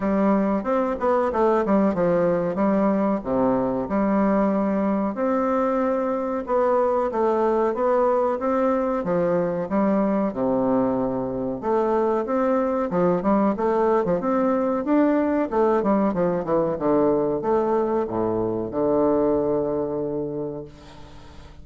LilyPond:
\new Staff \with { instrumentName = "bassoon" } { \time 4/4 \tempo 4 = 93 g4 c'8 b8 a8 g8 f4 | g4 c4 g2 | c'2 b4 a4 | b4 c'4 f4 g4 |
c2 a4 c'4 | f8 g8 a8. f16 c'4 d'4 | a8 g8 f8 e8 d4 a4 | a,4 d2. | }